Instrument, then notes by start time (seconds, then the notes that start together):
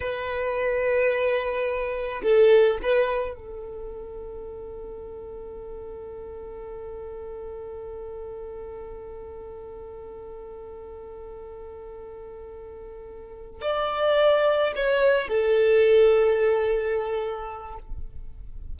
violin
0.00 B4
2.22 A4
2.82 B4
3.35 A4
13.61 D5
14.75 C#5
15.28 A4